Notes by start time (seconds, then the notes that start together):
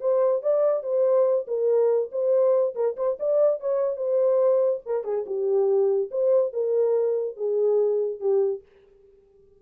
0.00 C5
0.42 D5
0.83 C5
1.47 A#4
2.12 C5
2.75 A#4
2.96 C5
3.19 D5
3.60 C#5
3.97 C5
4.86 A#4
5.04 G#4
5.26 G4
6.11 C5
6.53 A#4
7.36 G#4
8.20 G4